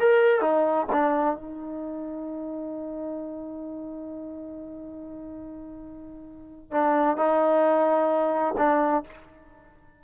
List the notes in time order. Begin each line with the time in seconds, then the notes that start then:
0.00 A#4
0.41 D#4
0.93 D4
1.36 D#4
6.72 D4
7.18 D#4
8.58 D4